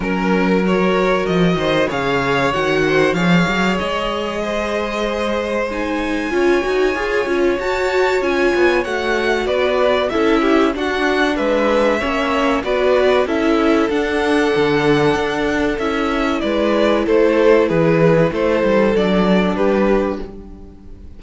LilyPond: <<
  \new Staff \with { instrumentName = "violin" } { \time 4/4 \tempo 4 = 95 ais'4 cis''4 dis''4 f''4 | fis''4 f''4 dis''2~ | dis''4 gis''2. | a''4 gis''4 fis''4 d''4 |
e''4 fis''4 e''2 | d''4 e''4 fis''2~ | fis''4 e''4 d''4 c''4 | b'4 c''4 d''4 b'4 | }
  \new Staff \with { instrumentName = "violin" } { \time 4/4 ais'2~ ais'8 c''8 cis''4~ | cis''8 c''8 cis''2 c''4~ | c''2 cis''2~ | cis''2. b'4 |
a'8 g'8 fis'4 b'4 cis''4 | b'4 a'2.~ | a'2 b'4 a'4 | gis'4 a'2 g'4 | }
  \new Staff \with { instrumentName = "viola" } { \time 4/4 cis'4 fis'2 gis'4 | fis'4 gis'2.~ | gis'4 dis'4 f'8 fis'8 gis'8 f'8 | fis'4 f'4 fis'2 |
e'4 d'2 cis'4 | fis'4 e'4 d'2~ | d'4 e'2.~ | e'2 d'2 | }
  \new Staff \with { instrumentName = "cello" } { \time 4/4 fis2 f8 dis8 cis4 | dis4 f8 fis8 gis2~ | gis2 cis'8 dis'8 f'8 cis'8 | fis'4 cis'8 b8 a4 b4 |
cis'4 d'4 gis4 ais4 | b4 cis'4 d'4 d4 | d'4 cis'4 gis4 a4 | e4 a8 g8 fis4 g4 | }
>>